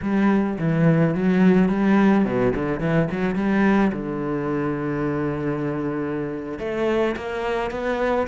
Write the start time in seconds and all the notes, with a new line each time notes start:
0.02 G3
0.58 E3
1.14 F#3
1.68 G3
2.24 B2
2.54 D3
2.80 E3
3.11 F#3
3.35 G3
3.92 D3
6.59 A3
7.16 A#3
7.71 B3